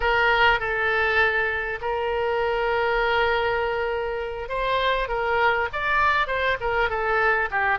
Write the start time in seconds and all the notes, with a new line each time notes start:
0.00 A#4
0.59 A4
1.81 A#4
4.48 C5
5.08 A#4
5.72 D5
6.27 C5
6.60 A#4
6.89 A4
7.51 G4